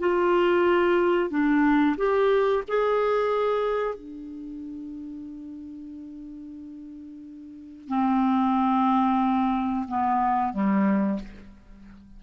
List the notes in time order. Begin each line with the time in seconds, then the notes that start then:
0.00 F4
1.30 D4
1.98 G4
2.68 G#4
3.95 D4
7.89 C4
9.88 B3
10.54 G3